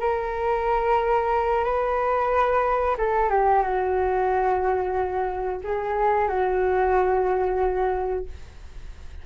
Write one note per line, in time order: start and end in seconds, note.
0.00 1.65 A#4
1.65 2.96 B4
2.98 3.30 A4
3.30 3.63 G4
3.63 5.61 F#4
5.64 6.28 G#4
6.28 8.26 F#4